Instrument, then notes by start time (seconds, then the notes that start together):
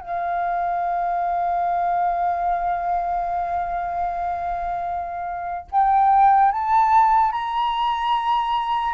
flute
0.00 F5
5.71 G5
6.52 A5
7.32 A#5